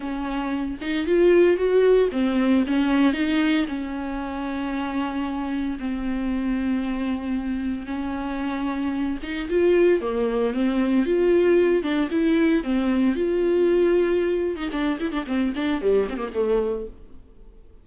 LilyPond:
\new Staff \with { instrumentName = "viola" } { \time 4/4 \tempo 4 = 114 cis'4. dis'8 f'4 fis'4 | c'4 cis'4 dis'4 cis'4~ | cis'2. c'4~ | c'2. cis'4~ |
cis'4. dis'8 f'4 ais4 | c'4 f'4. d'8 e'4 | c'4 f'2~ f'8. dis'16 | d'8 e'16 d'16 c'8 d'8 g8 c'16 ais16 a4 | }